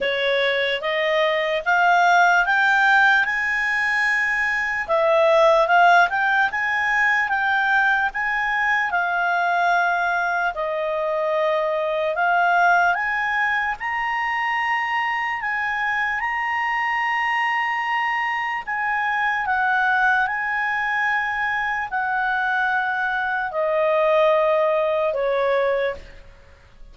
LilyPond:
\new Staff \with { instrumentName = "clarinet" } { \time 4/4 \tempo 4 = 74 cis''4 dis''4 f''4 g''4 | gis''2 e''4 f''8 g''8 | gis''4 g''4 gis''4 f''4~ | f''4 dis''2 f''4 |
gis''4 ais''2 gis''4 | ais''2. gis''4 | fis''4 gis''2 fis''4~ | fis''4 dis''2 cis''4 | }